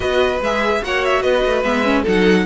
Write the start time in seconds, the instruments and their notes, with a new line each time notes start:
0.00 cello B3, viola F#4, violin B4 D#5
0.40 cello G#3, viola G#4, violin E5
0.82 cello A#3, viola F#4, violin C#5 F#5
1.04 violin E5
1.21 cello B3, violin B4 D#5
1.44 cello A3
1.63 cello G#3, viola B3, violin E5
1.83 viola C#4
2.02 cello F#3, viola D#4, violin A4 F#5